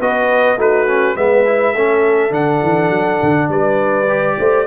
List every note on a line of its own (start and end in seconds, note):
0.00 0.57 B3
0.00 0.58 F#4
0.00 0.58 B4
0.00 0.60 D#5
0.57 1.16 A3
0.57 0.87 D#4
0.57 1.16 F#4
0.57 1.17 B4
0.87 1.16 C#4
1.16 1.75 G#3
1.16 1.45 B3
1.16 1.75 B4
1.16 2.33 E5
1.46 1.75 E4
1.75 2.31 A3
1.75 2.31 C#4
1.75 3.49 A4
2.31 2.60 D3
2.31 4.06 D4
2.31 3.50 F#5
2.62 2.90 E3
2.90 3.19 F#3
3.23 3.49 D3
3.49 4.36 G3
3.49 4.37 B4
3.49 4.67 D5
4.08 4.67 G4
4.38 4.67 A3
4.38 4.67 C5